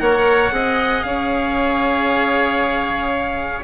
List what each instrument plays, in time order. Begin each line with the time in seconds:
0.00 bassoon A#3, cello A#4, oboe C#5, trumpet F#5
0.52 bassoon C4, cello G#4, oboe D#5
1.03 bassoon C#4, oboe C#5, trumpet F5